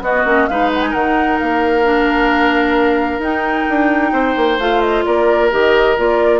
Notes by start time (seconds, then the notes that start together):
0.00 B3 F#4 D#5
0.25 A#3 C#4
0.47 G#3 D#4 B4 F5
0.73 F#5
0.81 G#5
0.90 D#3 A#4 F#5
1.39 A#3 F5
1.83 D4
3.18 D#4 G5
3.69 D4
4.12 C4 C5
4.36 A#3
4.58 A3 F4 F5
4.81 D#5
5.04 A#3 A#4 D5
5.51 D#3 G4 D#5
5.97 A#3 F4 D5